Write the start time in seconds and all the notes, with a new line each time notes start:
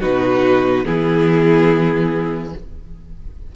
0.00 B2 D#4 F#4 B4
0.85 E3 B3 E4 G#4